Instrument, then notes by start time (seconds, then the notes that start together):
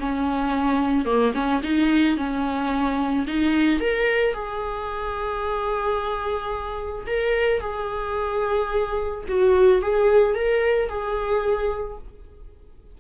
viola
0.00 C#4
1.05 A#3
1.34 C#4
1.63 D#4
2.17 C#4
3.27 D#4
3.80 A#4
4.34 G#4
7.07 A#4
7.61 G#4
9.29 F#4
9.82 G#4
10.35 A#4
10.89 G#4